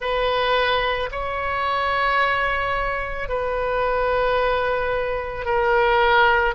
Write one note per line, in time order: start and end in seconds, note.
0.00 1.09 B4
1.11 3.28 C#5
3.28 5.45 B4
5.45 6.54 A#4